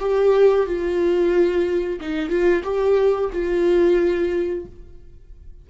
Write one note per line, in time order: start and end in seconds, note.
0.00 0.67 G4
0.67 2.00 F4
2.01 2.29 D#4
2.29 2.63 F4
2.64 3.31 G4
3.33 4.66 F4